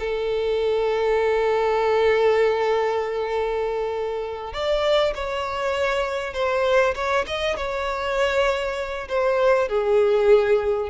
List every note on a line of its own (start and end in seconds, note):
0.00 4.53 A4
4.53 5.14 D5
5.15 6.34 C#5
6.34 6.94 C5
6.95 7.25 C#5
7.27 7.57 D#5
7.57 9.08 C#5
9.09 9.69 C5
9.69 10.90 G#4